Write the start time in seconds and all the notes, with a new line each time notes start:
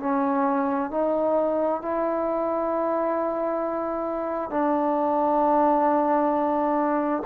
0.00 C#4
0.91 D#4
1.82 E4
4.51 D4